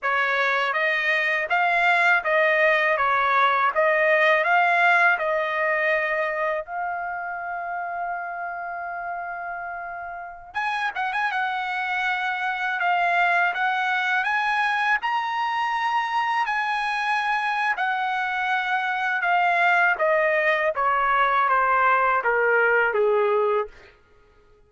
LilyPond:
\new Staff \with { instrumentName = "trumpet" } { \time 4/4 \tempo 4 = 81 cis''4 dis''4 f''4 dis''4 | cis''4 dis''4 f''4 dis''4~ | dis''4 f''2.~ | f''2~ f''16 gis''8 fis''16 gis''16 fis''8.~ |
fis''4~ fis''16 f''4 fis''4 gis''8.~ | gis''16 ais''2 gis''4.~ gis''16 | fis''2 f''4 dis''4 | cis''4 c''4 ais'4 gis'4 | }